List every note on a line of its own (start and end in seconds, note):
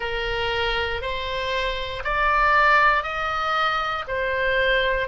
0.00 1.01 A#4
1.01 2.03 C5
2.03 3.03 D5
3.03 4.04 D#5
4.07 5.08 C5